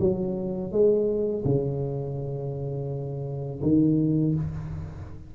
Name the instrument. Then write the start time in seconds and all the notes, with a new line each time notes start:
tuba
0.00 F#3
0.72 G#3
1.45 C#3
3.63 D#3